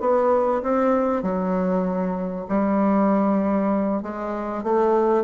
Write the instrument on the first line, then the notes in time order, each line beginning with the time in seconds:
bassoon
0.00 B3
0.62 C4
1.22 F#3
2.48 G3
4.02 G#3
4.63 A3